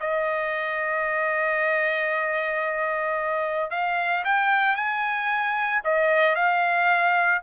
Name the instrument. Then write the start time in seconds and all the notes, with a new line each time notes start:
trumpet
0.00 D#5
3.70 F5
4.25 G5
4.76 G#5
5.84 D#5
6.35 F5